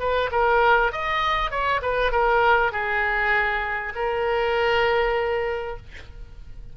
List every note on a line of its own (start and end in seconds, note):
0.00 0.30 B4
0.32 0.92 A#4
0.92 1.51 D#5
1.51 1.81 C#5
1.82 2.12 B4
2.12 2.72 A#4
2.72 3.94 G#4
3.95 5.77 A#4